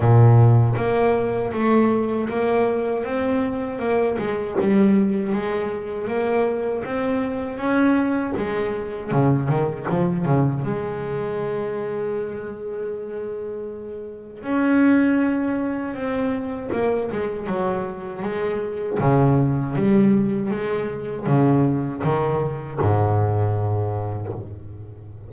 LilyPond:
\new Staff \with { instrumentName = "double bass" } { \time 4/4 \tempo 4 = 79 ais,4 ais4 a4 ais4 | c'4 ais8 gis8 g4 gis4 | ais4 c'4 cis'4 gis4 | cis8 dis8 f8 cis8 gis2~ |
gis2. cis'4~ | cis'4 c'4 ais8 gis8 fis4 | gis4 cis4 g4 gis4 | cis4 dis4 gis,2 | }